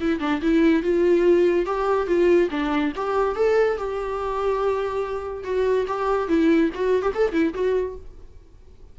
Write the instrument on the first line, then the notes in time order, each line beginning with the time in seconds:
viola
0.00 E4
0.20 D4
0.42 E4
0.82 F4
1.66 G4
2.07 F4
2.50 D4
2.95 G4
3.35 A4
3.77 G4
5.44 F#4
5.87 G4
6.28 E4
6.74 F#4
7.02 G4
7.14 A4
7.32 E4
7.54 F#4